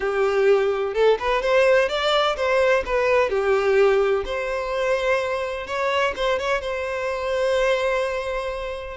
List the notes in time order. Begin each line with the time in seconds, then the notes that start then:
0.00 G4
0.94 A4
1.19 B4
1.42 C5
1.88 D5
2.36 C5
2.85 B4
3.29 G4
4.25 C5
5.66 C#5
6.16 C5
6.38 C#5
6.61 C5